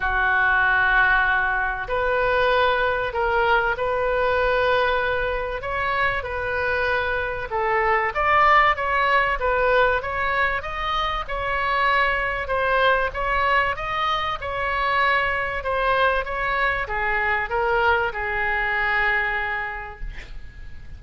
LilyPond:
\new Staff \with { instrumentName = "oboe" } { \time 4/4 \tempo 4 = 96 fis'2. b'4~ | b'4 ais'4 b'2~ | b'4 cis''4 b'2 | a'4 d''4 cis''4 b'4 |
cis''4 dis''4 cis''2 | c''4 cis''4 dis''4 cis''4~ | cis''4 c''4 cis''4 gis'4 | ais'4 gis'2. | }